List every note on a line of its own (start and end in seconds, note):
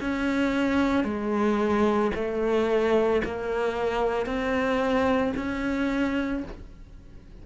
0.00 1.04 C#4
1.04 2.11 G#3
2.15 3.22 A3
3.24 4.26 A#3
4.26 5.33 C4
5.36 6.43 C#4